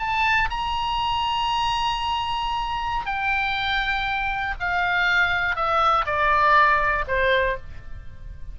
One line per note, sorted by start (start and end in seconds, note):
0.00 0.50 A5
0.50 3.06 A#5
3.06 4.55 G5
4.60 5.56 F5
5.56 6.06 E5
6.06 7.05 D5
7.08 7.57 C5